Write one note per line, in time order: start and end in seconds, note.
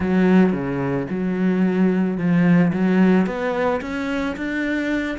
0.00 0.52 F#3
0.52 1.06 C#3
1.10 2.17 F#3
2.17 2.71 F3
2.72 3.26 F#3
3.26 3.81 B3
3.81 4.35 C#4
4.36 5.18 D4